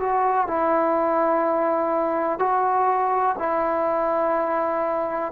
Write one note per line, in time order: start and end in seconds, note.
0.00 0.48 F#4
0.48 2.39 E4
2.39 3.36 F#4
3.39 5.32 E4